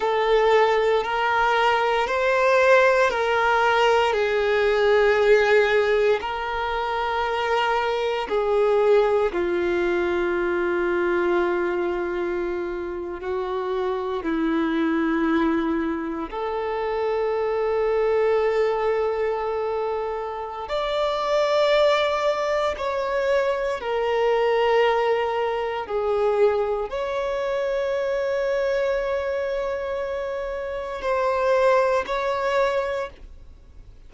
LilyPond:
\new Staff \with { instrumentName = "violin" } { \time 4/4 \tempo 4 = 58 a'4 ais'4 c''4 ais'4 | gis'2 ais'2 | gis'4 f'2.~ | f'8. fis'4 e'2 a'16~ |
a'1 | d''2 cis''4 ais'4~ | ais'4 gis'4 cis''2~ | cis''2 c''4 cis''4 | }